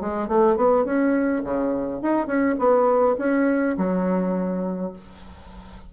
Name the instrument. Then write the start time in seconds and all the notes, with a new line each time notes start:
bassoon
0.00 G#3
0.28 A3
0.56 B3
0.84 C#4
1.44 C#3
2.02 D#4
2.26 C#4
2.58 B3
3.18 C#4
3.77 F#3